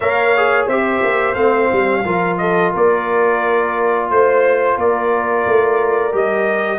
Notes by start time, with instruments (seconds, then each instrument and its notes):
0.00 tuba A#3, trombone A#4, horn C#5, trumpet F5
0.36 trombone G#4
0.66 tuba C4, trombone G4, horn C5, trumpet E5
1.03 tuba A#3
1.34 tuba A3, trombone C4, trumpet F5
1.72 tuba G3
2.04 tuba F3, trombone F4, horn A#4
2.37 horn A4, trumpet D#5
2.71 tuba A#3, horn A#4, trumpet D5
4.10 tuba A3, trumpet C5, horn C5
4.76 tuba A#3, horn A#4, trumpet D5
5.46 tuba A3
6.11 tuba G3, trombone G4, trumpet D#5